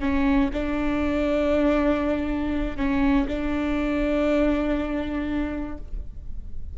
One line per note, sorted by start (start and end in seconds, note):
0.00 0.50 C#4
0.53 2.77 D4
2.77 3.27 C#4
3.28 5.78 D4